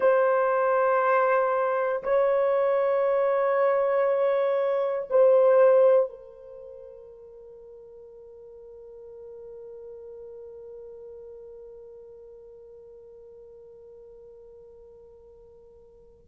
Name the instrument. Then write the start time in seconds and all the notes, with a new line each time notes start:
horn
0.00 C5
2.03 C#5
5.10 C5
6.09 A#4